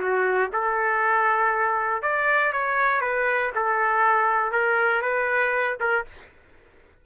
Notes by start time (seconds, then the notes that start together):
0.00 F#4
0.53 A4
2.02 D5
2.53 C#5
3.02 B4
3.56 A4
4.52 A#4
5.02 B4
5.81 A#4